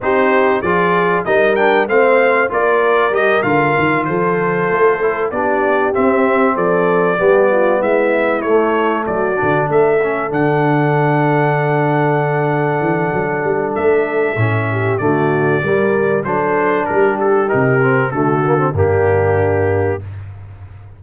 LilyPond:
<<
  \new Staff \with { instrumentName = "trumpet" } { \time 4/4 \tempo 4 = 96 c''4 d''4 dis''8 g''8 f''4 | d''4 dis''8 f''4 c''4.~ | c''8 d''4 e''4 d''4.~ | d''8 e''4 cis''4 d''4 e''8~ |
e''8 fis''2.~ fis''8~ | fis''2 e''2 | d''2 c''4 ais'8 a'8 | ais'4 a'4 g'2 | }
  \new Staff \with { instrumentName = "horn" } { \time 4/4 g'4 gis'4 ais'4 c''4 | ais'2~ ais'8 a'4.~ | a'8 g'2 a'4 g'8 | f'8 e'2 fis'4 a'8~ |
a'1~ | a'2.~ a'8 g'8 | fis'4 ais'4 a'4 g'4~ | g'4 fis'4 d'2 | }
  \new Staff \with { instrumentName = "trombone" } { \time 4/4 dis'4 f'4 dis'8 d'8 c'4 | f'4 g'8 f'2~ f'8 | e'8 d'4 c'2 b8~ | b4. a4. d'4 |
cis'8 d'2.~ d'8~ | d'2. cis'4 | a4 g4 d'2 | dis'8 c'8 a8 ais16 c'16 ais2 | }
  \new Staff \with { instrumentName = "tuba" } { \time 4/4 c'4 f4 g4 a4 | ais4 g8 d8 dis8 f4 a8~ | a8 b4 c'4 f4 g8~ | g8 gis4 a4 fis8 d8 a8~ |
a8 d2.~ d8~ | d8 e8 fis8 g8 a4 a,4 | d4 g4 fis4 g4 | c4 d4 g,2 | }
>>